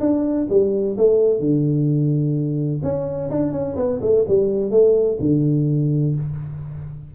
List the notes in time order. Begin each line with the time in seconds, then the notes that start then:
0.00 D4
0.50 G3
0.97 A3
1.40 D3
2.83 C#4
3.30 D4
3.52 C#4
3.76 B3
4.01 A3
4.28 G3
4.71 A3
5.20 D3